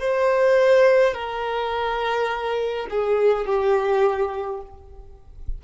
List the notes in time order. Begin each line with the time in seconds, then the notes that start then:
0.00 C5
1.14 A#4
2.90 G#4
3.46 G4